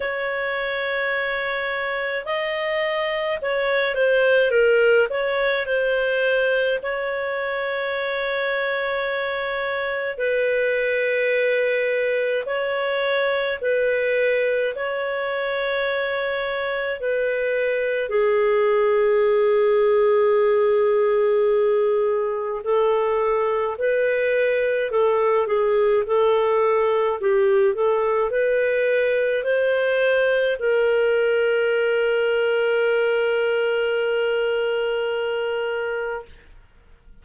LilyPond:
\new Staff \with { instrumentName = "clarinet" } { \time 4/4 \tempo 4 = 53 cis''2 dis''4 cis''8 c''8 | ais'8 cis''8 c''4 cis''2~ | cis''4 b'2 cis''4 | b'4 cis''2 b'4 |
gis'1 | a'4 b'4 a'8 gis'8 a'4 | g'8 a'8 b'4 c''4 ais'4~ | ais'1 | }